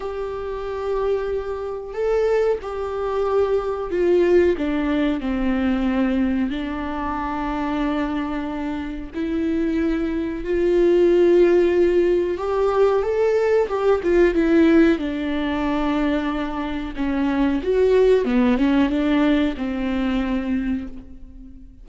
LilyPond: \new Staff \with { instrumentName = "viola" } { \time 4/4 \tempo 4 = 92 g'2. a'4 | g'2 f'4 d'4 | c'2 d'2~ | d'2 e'2 |
f'2. g'4 | a'4 g'8 f'8 e'4 d'4~ | d'2 cis'4 fis'4 | b8 cis'8 d'4 c'2 | }